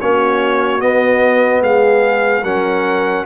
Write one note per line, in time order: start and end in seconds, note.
0.00 0.82 A#3
0.00 0.80 C#4
0.00 1.62 F#4
0.00 0.81 C#5
0.80 2.42 B3
0.80 1.61 B3
0.80 1.62 D#5
1.61 2.42 G#3
1.61 2.43 G#4
1.61 2.44 F5
2.43 3.24 F#3
2.43 3.26 C#4
2.43 3.24 A#4
2.43 3.25 F#5